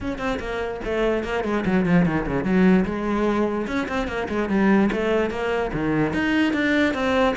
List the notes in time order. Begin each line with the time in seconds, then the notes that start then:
0.01 C#4
0.18 C4
0.39 A#3
0.84 A3
1.23 A#3
1.44 G#3
1.65 F#3
1.85 F3
2.05 D#3
2.26 C#3
2.44 F#3
2.85 G#3
3.67 C#4
3.88 C4
4.07 A#3
4.28 G#3
4.49 G3
4.92 A3
5.30 A#3
5.73 D#3
6.13 D#4
6.53 D4
6.94 C4